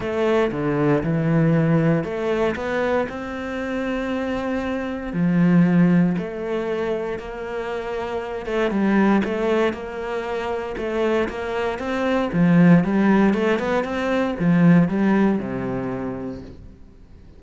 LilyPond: \new Staff \with { instrumentName = "cello" } { \time 4/4 \tempo 4 = 117 a4 d4 e2 | a4 b4 c'2~ | c'2 f2 | a2 ais2~ |
ais8 a8 g4 a4 ais4~ | ais4 a4 ais4 c'4 | f4 g4 a8 b8 c'4 | f4 g4 c2 | }